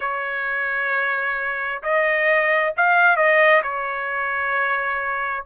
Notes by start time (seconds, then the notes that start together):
0.00 C#5
1.82 D#5
2.76 F5
3.16 D#5
3.62 C#5